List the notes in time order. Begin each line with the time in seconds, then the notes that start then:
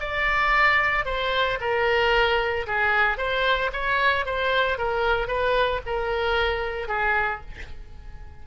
0.00 D5
1.05 C5
1.60 A#4
2.67 G#4
3.18 C5
3.73 C#5
4.26 C5
4.78 A#4
5.28 B4
5.86 A#4
6.88 G#4